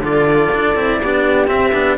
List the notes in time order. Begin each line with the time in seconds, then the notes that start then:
0.00 D3 F4 A4 D5
0.54 D4
0.76 C4 E4
1.02 B3 D4 G4
1.48 C4 E5
1.74 B3 D4